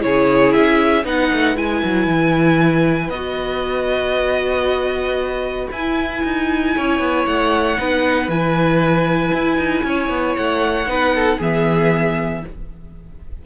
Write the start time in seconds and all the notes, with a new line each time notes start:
0.00 C#3 E4 G#4 C#5
0.53 C#4 E5
1.04 B3 D#4 B4 F#5
1.32 A3
1.56 G#3 E4 G#5
1.84 F#3
2.07 E3
3.09 B3 F#4 D#5
5.71 E4 G#5
6.24 D#4
6.77 C#4 C#5
6.99 B3
7.26 A3 F#5
7.77 B3 D#4 B4
8.28 E3 E4 G#5
9.33 E4
9.57 D#4
9.84 C#4 C#5
10.09 B3
10.36 A3 F#5
10.87 B3 D#4 B4
11.16 A4
11.38 E3 B3 G#4 E5